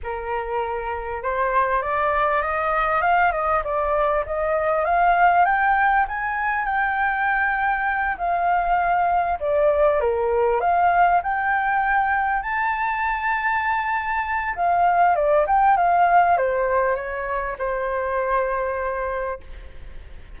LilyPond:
\new Staff \with { instrumentName = "flute" } { \time 4/4 \tempo 4 = 99 ais'2 c''4 d''4 | dis''4 f''8 dis''8 d''4 dis''4 | f''4 g''4 gis''4 g''4~ | g''4. f''2 d''8~ |
d''8 ais'4 f''4 g''4.~ | g''8 a''2.~ a''8 | f''4 d''8 g''8 f''4 c''4 | cis''4 c''2. | }